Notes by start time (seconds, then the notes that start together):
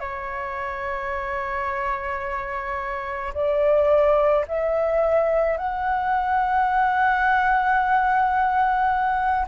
0.00 C#5
3.34 D5
4.48 E5
5.58 F#5